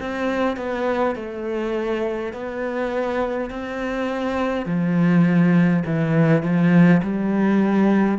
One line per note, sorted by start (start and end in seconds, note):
0.00 0.56 C4
0.56 1.15 B3
1.15 2.33 A3
2.33 3.50 B3
3.50 4.65 C4
4.65 5.83 F3
5.85 6.42 E3
6.42 7.01 F3
7.03 8.18 G3